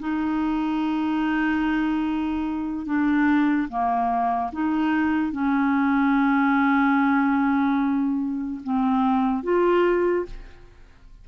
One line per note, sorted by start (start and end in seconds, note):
0.00 2.87 D#4
2.87 3.69 D4
3.69 4.51 A#3
4.53 5.33 D#4
5.33 8.62 C#4
8.64 9.44 C4
9.44 10.26 F4